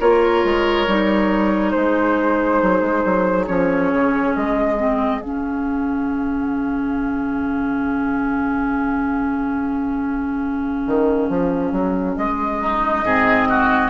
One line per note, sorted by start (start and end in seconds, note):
0.00 0.44 A#3
0.00 0.87 F4
0.00 1.72 A#4
0.00 1.71 C#5
0.44 0.87 G#3
0.87 1.74 G3
0.87 3.47 D#4
1.71 2.62 G#3
1.71 12.59 G#4
1.71 3.45 C5
2.62 2.81 F#3
2.81 3.03 G#3
3.05 3.48 F#3
3.47 3.92 F3
3.47 4.77 C#4
3.47 4.34 C#5
3.92 4.36 C#3
4.35 5.22 G#3
4.35 5.22 D#5
4.77 5.20 C4
5.22 10.87 C#3
5.22 13.06 C#4
5.22 12.16 F5
10.87 11.29 D#3
11.29 11.72 F3
11.72 12.15 F#3
12.16 13.04 G#3
12.16 13.90 D#5
12.61 13.05 D#4
13.04 13.90 G#2
13.04 13.90 C4
13.04 13.48 G#4
13.49 13.90 F#4